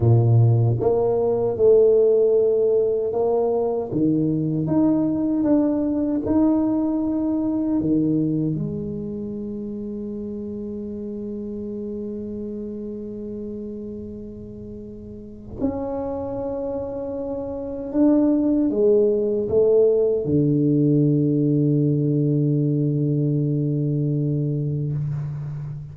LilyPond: \new Staff \with { instrumentName = "tuba" } { \time 4/4 \tempo 4 = 77 ais,4 ais4 a2 | ais4 dis4 dis'4 d'4 | dis'2 dis4 gis4~ | gis1~ |
gis1 | cis'2. d'4 | gis4 a4 d2~ | d1 | }